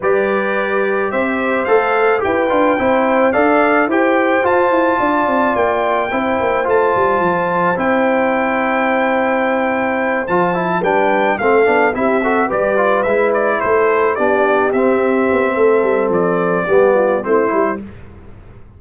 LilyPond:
<<
  \new Staff \with { instrumentName = "trumpet" } { \time 4/4 \tempo 4 = 108 d''2 e''4 f''4 | g''2 f''4 g''4 | a''2 g''2 | a''2 g''2~ |
g''2~ g''8 a''4 g''8~ | g''8 f''4 e''4 d''4 e''8 | d''8 c''4 d''4 e''4.~ | e''4 d''2 c''4 | }
  \new Staff \with { instrumentName = "horn" } { \time 4/4 b'2 c''2 | b'4 c''4 d''4 c''4~ | c''4 d''2 c''4~ | c''1~ |
c''2.~ c''8 b'8~ | b'8 a'4 g'8 a'8 b'4.~ | b'8 a'4 g'2~ g'8 | a'2 g'8 f'8 e'4 | }
  \new Staff \with { instrumentName = "trombone" } { \time 4/4 g'2. a'4 | g'8 f'8 e'4 a'4 g'4 | f'2. e'4 | f'2 e'2~ |
e'2~ e'8 f'8 e'8 d'8~ | d'8 c'8 d'8 e'8 fis'8 g'8 f'8 e'8~ | e'4. d'4 c'4.~ | c'2 b4 c'8 e'8 | }
  \new Staff \with { instrumentName = "tuba" } { \time 4/4 g2 c'4 a4 | e'8 d'8 c'4 d'4 e'4 | f'8 e'8 d'8 c'8 ais4 c'8 ais8 | a8 g8 f4 c'2~ |
c'2~ c'8 f4 g8~ | g8 a8 b8 c'4 g4 gis8~ | gis8 a4 b4 c'4 b8 | a8 g8 f4 g4 a8 g8 | }
>>